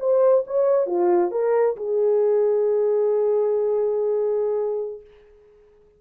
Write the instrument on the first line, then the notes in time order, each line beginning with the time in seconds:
horn
0.00 C5
0.47 C#5
0.87 F4
1.31 A#4
1.76 G#4